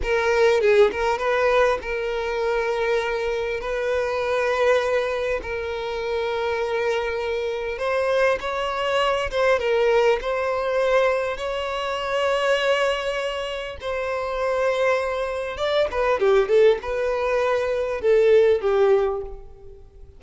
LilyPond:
\new Staff \with { instrumentName = "violin" } { \time 4/4 \tempo 4 = 100 ais'4 gis'8 ais'8 b'4 ais'4~ | ais'2 b'2~ | b'4 ais'2.~ | ais'4 c''4 cis''4. c''8 |
ais'4 c''2 cis''4~ | cis''2. c''4~ | c''2 d''8 b'8 g'8 a'8 | b'2 a'4 g'4 | }